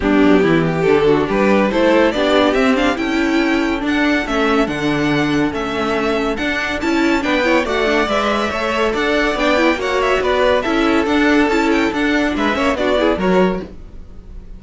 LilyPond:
<<
  \new Staff \with { instrumentName = "violin" } { \time 4/4 \tempo 4 = 141 g'2 a'4 b'4 | c''4 d''4 e''8 f''8 g''4~ | g''4 fis''4 e''4 fis''4~ | fis''4 e''2 fis''4 |
a''4 g''4 fis''4 e''4~ | e''4 fis''4 g''4 fis''8 e''8 | d''4 e''4 fis''4 a''8 g''8 | fis''4 e''4 d''4 cis''4 | }
  \new Staff \with { instrumentName = "violin" } { \time 4/4 d'4 e'8 g'4 fis'8 g'4 | a'4 g'2 a'4~ | a'1~ | a'1~ |
a'4 b'8 cis''8 d''2 | cis''4 d''2 cis''4 | b'4 a'2.~ | a'4 b'8 cis''8 fis'8 gis'8 ais'4 | }
  \new Staff \with { instrumentName = "viola" } { \time 4/4 b2 d'2 | e'4 d'4 c'8 d'8 e'4~ | e'4 d'4 cis'4 d'4~ | d'4 cis'2 d'4 |
e'4 d'8 e'8 fis'8 d'8 b'4 | a'2 d'8 e'8 fis'4~ | fis'4 e'4 d'4 e'4 | d'4. cis'8 d'8 e'8 fis'4 | }
  \new Staff \with { instrumentName = "cello" } { \time 4/4 g8 fis8 e4 d4 g4 | a4 b4 c'4 cis'4~ | cis'4 d'4 a4 d4~ | d4 a2 d'4 |
cis'4 b4 a4 gis4 | a4 d'4 b4 ais4 | b4 cis'4 d'4 cis'4 | d'4 gis8 ais8 b4 fis4 | }
>>